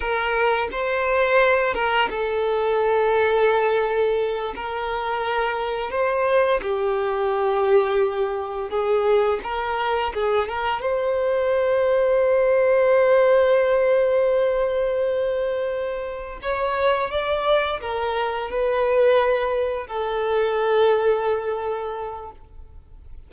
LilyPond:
\new Staff \with { instrumentName = "violin" } { \time 4/4 \tempo 4 = 86 ais'4 c''4. ais'8 a'4~ | a'2~ a'8 ais'4.~ | ais'8 c''4 g'2~ g'8~ | g'8 gis'4 ais'4 gis'8 ais'8 c''8~ |
c''1~ | c''2.~ c''8 cis''8~ | cis''8 d''4 ais'4 b'4.~ | b'8 a'2.~ a'8 | }